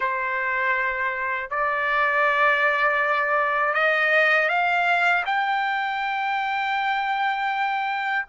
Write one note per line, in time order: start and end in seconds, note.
0.00 1.50 C5
1.50 3.74 D5
3.74 4.48 D#5
4.48 5.23 F5
5.25 8.25 G5